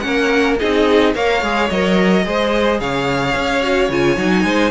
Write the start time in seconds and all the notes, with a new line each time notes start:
0.00 A#3 C#4 F#5
0.07 A#4
0.60 C4 D#4 G#4 D#5
1.14 A#3 A#4 C#5 F5
1.43 G#3 G#4
1.70 F#3 A#4 D#5
2.24 G#3 G#4 C5
2.80 C#3 C#5 F5
3.35 C#4
3.62 F#4
3.90 C#3 F4 G#5
4.17 F#3 D#4
4.44 G#3 C5